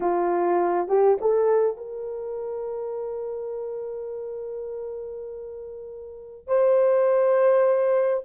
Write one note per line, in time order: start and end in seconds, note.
0.00 0.88 F4
0.88 1.17 G4
1.21 1.76 A4
1.76 6.47 A#4
6.47 8.23 C5